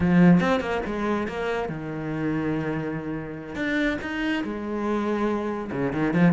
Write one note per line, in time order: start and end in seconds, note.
0.00 0.40 F3
0.40 0.60 C4
0.60 0.81 A#3
0.85 1.27 G#3
1.27 1.68 A#3
1.68 3.55 D#3
3.55 3.97 D4
4.01 4.43 D#4
4.44 5.70 G#3
5.71 5.92 C#3
5.92 6.13 D#3
6.13 6.32 F3